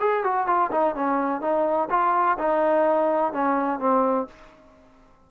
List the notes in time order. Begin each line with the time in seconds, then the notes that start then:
0.00 G#4
0.24 F#4
0.47 F4
0.71 D#4
0.95 C#4
1.41 D#4
1.90 F4
2.39 D#4
3.33 C#4
3.79 C4